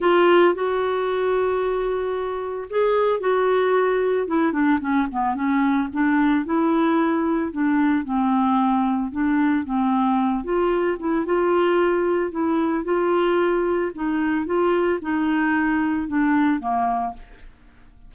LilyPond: \new Staff \with { instrumentName = "clarinet" } { \time 4/4 \tempo 4 = 112 f'4 fis'2.~ | fis'4 gis'4 fis'2 | e'8 d'8 cis'8 b8 cis'4 d'4 | e'2 d'4 c'4~ |
c'4 d'4 c'4. f'8~ | f'8 e'8 f'2 e'4 | f'2 dis'4 f'4 | dis'2 d'4 ais4 | }